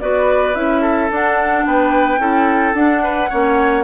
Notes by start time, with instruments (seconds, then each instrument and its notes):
0.00 bassoon B3, clarinet F#4, oboe B4, flute D5
0.54 bassoon C#4, clarinet E4, flute E5
0.81 oboe A4
1.10 bassoon D4, clarinet D4, flute F#5
1.66 bassoon B3, oboe B4, flute G5
2.18 bassoon C#4, clarinet E4, oboe A4
2.74 bassoon D4, clarinet D4, flute F#5
3.03 oboe B4
3.30 bassoon A#3, clarinet C#4, oboe C#5